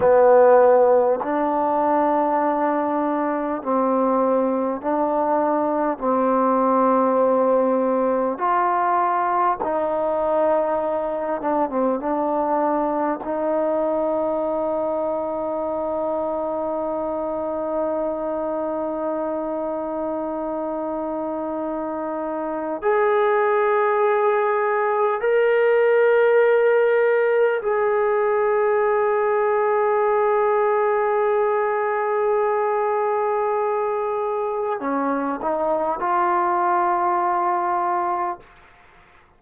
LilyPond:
\new Staff \with { instrumentName = "trombone" } { \time 4/4 \tempo 4 = 50 b4 d'2 c'4 | d'4 c'2 f'4 | dis'4. d'16 c'16 d'4 dis'4~ | dis'1~ |
dis'2. gis'4~ | gis'4 ais'2 gis'4~ | gis'1~ | gis'4 cis'8 dis'8 f'2 | }